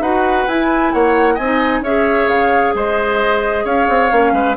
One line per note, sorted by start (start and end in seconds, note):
0.00 0.45 D#4
0.00 0.48 F#4
0.00 0.93 B4
0.00 0.48 F#5
0.48 0.94 E4
0.48 1.39 E4
0.48 0.93 G#5
0.93 1.39 A#3
0.93 1.35 C#5
0.93 1.37 F#5
1.35 1.82 C4
1.35 1.80 D#5
1.35 1.83 G#5
1.43 1.85 D#4
1.82 2.27 C#4
1.82 4.11 G#4
1.82 2.75 C#5
1.82 2.29 E5
2.28 2.73 C#3
2.28 2.74 F5
2.75 3.65 G#3
2.75 3.65 C5
2.75 3.66 D#5
3.65 3.88 C#4
3.65 4.33 C#5
3.65 4.57 F5
3.89 4.12 C4
4.11 4.33 A#3
4.11 4.57 C#4
4.33 4.56 G#3
4.33 4.57 B4